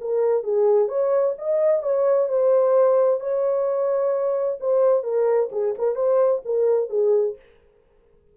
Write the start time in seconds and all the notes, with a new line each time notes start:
0.00 A#4
0.43 G#4
0.88 C#5
1.38 D#5
1.82 C#5
2.28 C5
3.20 C#5
4.60 C5
5.03 A#4
5.51 G#4
5.78 A#4
5.95 C5
6.45 A#4
6.89 G#4